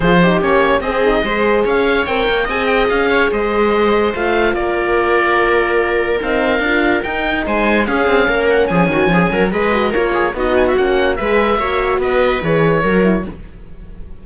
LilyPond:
<<
  \new Staff \with { instrumentName = "oboe" } { \time 4/4 \tempo 4 = 145 c''4 cis''4 dis''2 | f''4 g''4 gis''8 g''8 f''4 | dis''2 f''4 d''4~ | d''2. f''4~ |
f''4 g''4 gis''4 f''4~ | f''8 fis''8 gis''2 dis''4 | cis''4 dis''8 gis''16 e''16 fis''4 e''4~ | e''4 dis''4 cis''2 | }
  \new Staff \with { instrumentName = "viola" } { \time 4/4 gis'8 g'4. gis'4 c''4 | cis''2 dis''4. cis''8 | c''2. ais'4~ | ais'1~ |
ais'2 c''4 gis'4 | ais'4 gis'8 fis'8 gis'8 ais'8 b'4 | ais'8 gis'8 fis'2 b'4 | cis''4 b'2 ais'4 | }
  \new Staff \with { instrumentName = "horn" } { \time 4/4 f'8 dis'8 cis'4 c'8 dis'8 gis'4~ | gis'4 ais'4 gis'2~ | gis'2 f'2~ | f'2. dis'4 |
f'4 dis'2 cis'4~ | cis'2. gis'8 fis'8 | f'4 dis'4 cis'4 gis'4 | fis'2 gis'4 fis'8 e'8 | }
  \new Staff \with { instrumentName = "cello" } { \time 4/4 f4 ais4 c'4 gis4 | cis'4 c'8 ais8 c'4 cis'4 | gis2 a4 ais4~ | ais2. c'4 |
d'4 dis'4 gis4 cis'8 c'8 | ais4 f8 dis8 f8 fis8 gis4 | ais4 b4 ais4 gis4 | ais4 b4 e4 fis4 | }
>>